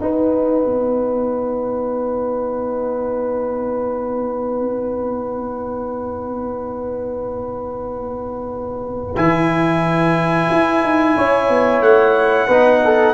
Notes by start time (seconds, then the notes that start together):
0.00 D#4 B4 F#5
0.65 B3
9.16 E3 E4 G#5
10.50 E4
10.83 D#4
11.16 C#4 C#5
11.49 B3
11.81 A3 F#5
12.47 B3 D#4 B4
12.84 A4